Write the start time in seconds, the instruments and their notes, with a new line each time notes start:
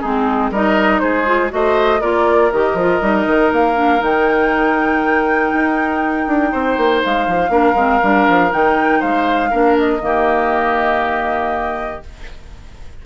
0.00 bassoon G#3, clarinet C4, oboe D#4, flute G#4
0.51 bassoon G3, clarinet D#4, oboe A#4, flute D#5
1.00 bassoon G#3, oboe G#4, flute C5
1.25 clarinet F4
1.50 bassoon A3, clarinet F#4, oboe C5, flute D#5
2.01 bassoon A#3, clarinet F4, oboe A#4, flute D5
2.52 bassoon D#3, clarinet G4, flute D#5
2.74 bassoon F3, clarinet F4
3.01 bassoon G3, clarinet D#4
3.26 bassoon D#3
3.52 bassoon A#3, flute F5
3.74 clarinet D4
3.99 bassoon D#3, clarinet D#4, flute G5
5.53 bassoon D#4
6.27 bassoon D4
6.51 bassoon C4, oboe C5
6.77 bassoon A#3
7.03 bassoon G#3, flute F5
7.27 bassoon F3
7.49 bassoon A#3, clarinet D4, oboe A#4
7.75 bassoon G#3, clarinet C4
8.02 bassoon G3, clarinet D4
8.29 bassoon F3
8.50 bassoon D#3, clarinet D#4, flute G5
9.00 bassoon G#3, oboe C5, flute F5
9.50 bassoon A#3, clarinet D4, oboe A#4
9.78 flute D#5
10.01 bassoon D#3, clarinet A#3, oboe G4